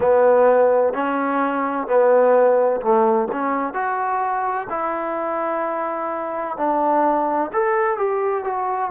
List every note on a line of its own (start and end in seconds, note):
0.00 0.93 B3
0.93 1.87 C#4
1.87 2.80 B3
2.81 3.28 A3
3.32 3.73 C#4
3.73 4.67 F#4
4.69 6.57 E4
6.57 7.50 D4
7.53 7.97 A4
7.97 8.44 G4
8.44 8.91 F#4